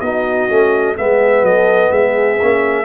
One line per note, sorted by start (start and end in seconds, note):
0.00 0.48 B3
0.00 0.49 D#4
0.00 0.97 F#4
0.00 0.95 D#5
0.49 0.98 A3
0.49 0.96 C#4
0.96 1.42 G#3
0.96 2.39 B3
0.96 1.45 G#4
0.96 1.45 E5
1.42 1.89 F#3
1.42 1.90 A4
1.42 1.92 D#5
1.90 2.39 G#3
1.90 2.85 G#4
1.90 2.85 E5
2.41 2.85 A#3
2.41 2.85 C#4